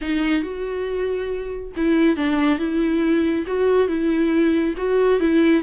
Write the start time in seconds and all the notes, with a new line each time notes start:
0.01 D#4
0.42 F#4
1.76 E4
2.16 D4
2.58 E4
3.46 F#4
3.88 E4
4.77 F#4
5.20 E4